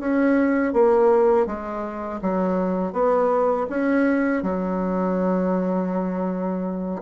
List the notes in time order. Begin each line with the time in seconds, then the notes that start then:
0.00 C#4
0.74 A#3
1.47 G#3
2.22 F#3
2.93 B3
3.70 C#4
4.43 F#3